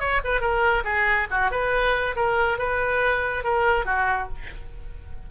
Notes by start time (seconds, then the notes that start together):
0.00 C#5
0.25 B4
0.41 A#4
0.85 G#4
1.31 F#4
1.51 B4
2.16 A#4
2.59 B4
3.44 A#4
3.86 F#4